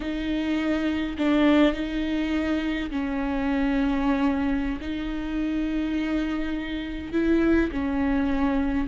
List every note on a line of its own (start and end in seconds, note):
0.00 1.16 D#4
1.18 1.73 D4
1.73 2.89 D#4
2.90 4.79 C#4
4.80 7.12 D#4
7.12 7.70 E4
7.71 8.87 C#4